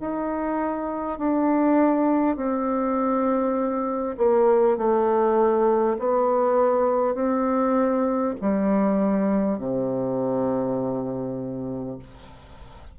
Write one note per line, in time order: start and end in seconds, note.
0.00 1.18 D#4
1.18 2.36 D4
2.36 4.16 C4
4.17 4.77 A#3
4.77 5.97 A3
5.98 7.15 B3
7.15 8.35 C4
8.41 9.58 G3
9.58 11.98 C3